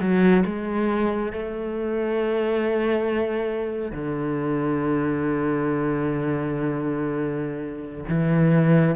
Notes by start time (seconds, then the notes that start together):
0.00 F#3
0.45 G#3
1.32 A3
3.91 D3
8.08 E3